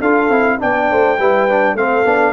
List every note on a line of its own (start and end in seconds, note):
0.00 0.29 D4
0.00 0.30 F4
0.00 0.59 A4
0.00 0.59 F5
0.29 0.58 C4
0.29 0.58 E4
0.58 0.91 B3
0.58 1.17 D4
0.58 0.90 D5
0.58 1.77 G5
0.90 1.18 A3
0.90 1.18 C5
1.18 1.74 G3
1.18 1.49 E4
1.18 1.77 B4
1.49 1.77 D4
1.74 2.03 A3
1.74 2.05 C4
1.74 2.33 A4
1.74 2.33 F5
2.05 2.33 B3
2.05 2.33 D4